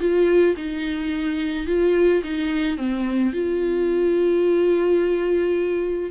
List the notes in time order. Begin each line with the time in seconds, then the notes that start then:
0.00 F4
0.57 D#4
1.67 F4
2.24 D#4
2.78 C4
3.33 F4